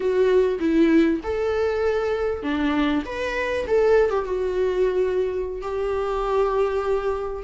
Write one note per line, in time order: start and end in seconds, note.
0.00 0.59 F#4
0.59 1.20 E4
1.23 2.42 A4
2.42 3.03 D4
3.05 3.66 B4
3.67 4.10 A4
4.10 4.25 G4
4.25 5.61 F#4
5.61 7.43 G4